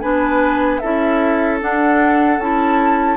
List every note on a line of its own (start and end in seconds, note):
0.00 0.83 B3
0.00 0.82 D4
0.00 0.81 B4
0.00 0.79 G#5
0.79 1.62 C#4
0.79 1.61 E4
0.79 3.18 A4
0.79 1.58 E5
1.61 2.40 D4
1.61 2.39 D4
1.61 2.41 F#5
2.39 3.18 C#4
2.39 3.18 E4
2.39 3.18 A5